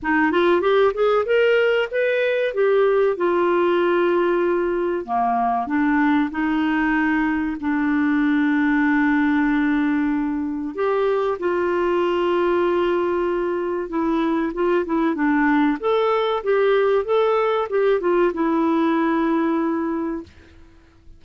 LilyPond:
\new Staff \with { instrumentName = "clarinet" } { \time 4/4 \tempo 4 = 95 dis'8 f'8 g'8 gis'8 ais'4 b'4 | g'4 f'2. | ais4 d'4 dis'2 | d'1~ |
d'4 g'4 f'2~ | f'2 e'4 f'8 e'8 | d'4 a'4 g'4 a'4 | g'8 f'8 e'2. | }